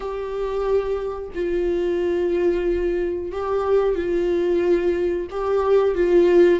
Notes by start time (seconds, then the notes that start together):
0.00 G4
1.34 F4
3.31 G4
3.95 F4
5.30 G4
5.94 F4